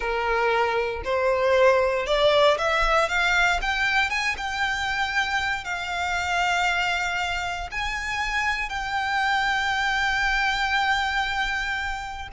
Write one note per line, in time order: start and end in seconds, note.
0.00 1.02 A#4
1.04 2.06 C5
2.06 2.57 D5
2.58 3.08 E5
3.08 3.60 F5
3.61 4.10 G5
4.10 4.35 G#5
4.37 5.64 G5
5.64 7.69 F5
7.71 8.69 G#5
8.69 12.28 G5